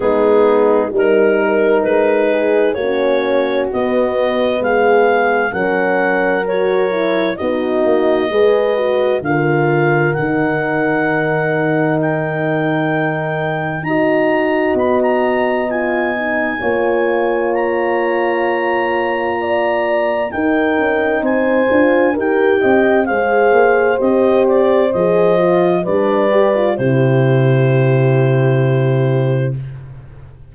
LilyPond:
<<
  \new Staff \with { instrumentName = "clarinet" } { \time 4/4 \tempo 4 = 65 gis'4 ais'4 b'4 cis''4 | dis''4 f''4 fis''4 cis''4 | dis''2 f''4 fis''4~ | fis''4 g''2 ais''4 |
b''16 ais''8. gis''2 ais''4~ | ais''2 g''4 gis''4 | g''4 f''4 dis''8 d''8 dis''4 | d''4 c''2. | }
  \new Staff \with { instrumentName = "horn" } { \time 4/4 dis'4 ais'4. gis'8 fis'4~ | fis'4 gis'4 ais'2 | fis'4 b'4 ais'2~ | ais'2. dis''4~ |
dis''2 cis''2~ | cis''4 d''4 ais'4 c''4 | ais'8 dis''8 c''2. | b'4 g'2. | }
  \new Staff \with { instrumentName = "horn" } { \time 4/4 b4 dis'2 cis'4 | b2 cis'4 fis'8 e'8 | dis'4 gis'8 fis'8 f'4 dis'4~ | dis'2. fis'4~ |
fis'4 f'8 dis'8 f'2~ | f'2 dis'4. f'8 | g'4 gis'4 g'4 gis'8 f'8 | d'8 g'16 f'16 e'2. | }
  \new Staff \with { instrumentName = "tuba" } { \time 4/4 gis4 g4 gis4 ais4 | b4 gis4 fis2 | b8 ais8 gis4 d4 dis4~ | dis2. dis'4 |
b2 ais2~ | ais2 dis'8 cis'8 c'8 d'8 | dis'8 c'8 gis8 ais8 c'4 f4 | g4 c2. | }
>>